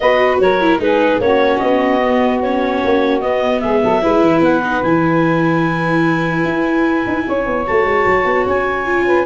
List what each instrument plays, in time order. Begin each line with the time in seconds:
0.00 tuba B3, viola F#4, saxophone B4, clarinet D#5
0.39 tuba F#3, saxophone A#4, clarinet C#5
0.60 viola E4
0.78 tuba G#3, viola D#4, saxophone G#4, clarinet B4
1.20 tuba A#3, viola C#4, saxophone F#4, clarinet C#5
1.58 tuba B3, clarinet D#5
2.00 viola B3
2.42 viola C#4, clarinet C#5
2.84 tuba A#3
3.20 viola B3, tuba B3, clarinet D#5
3.60 tuba G#3, saxophone G#4, clarinet E5
3.83 tuba F#3, saxophone A4
4.01 tuba G#3, viola E4, saxophone B4
4.21 tuba E3
4.40 tuba B3, clarinet F#5
4.63 viola D#4
4.83 tuba E3, viola E4, clarinet G#5
6.43 tuba E4
7.06 tuba D#4
7.26 tuba C#4, saxophone C#5
7.46 tuba B3
7.66 tuba A3, viola F#4, clarinet A5
7.84 tuba G#3
8.05 tuba F#3
8.24 tuba B3
8.46 tuba C#4, clarinet G#5
8.85 viola F4
9.06 saxophone B4